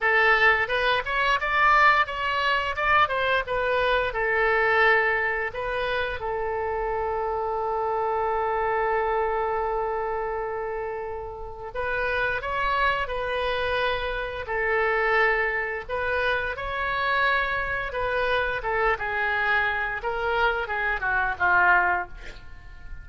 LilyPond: \new Staff \with { instrumentName = "oboe" } { \time 4/4 \tempo 4 = 87 a'4 b'8 cis''8 d''4 cis''4 | d''8 c''8 b'4 a'2 | b'4 a'2.~ | a'1~ |
a'4 b'4 cis''4 b'4~ | b'4 a'2 b'4 | cis''2 b'4 a'8 gis'8~ | gis'4 ais'4 gis'8 fis'8 f'4 | }